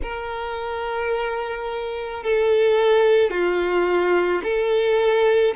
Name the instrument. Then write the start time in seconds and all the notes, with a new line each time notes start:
violin
0.02 A#4
2.23 A4
3.30 F4
4.43 A4